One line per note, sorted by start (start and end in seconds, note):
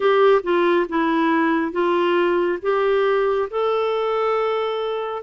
0.00 0.41 G4
0.43 0.87 F4
0.89 1.72 E4
1.72 2.58 F4
2.62 3.49 G4
3.50 5.22 A4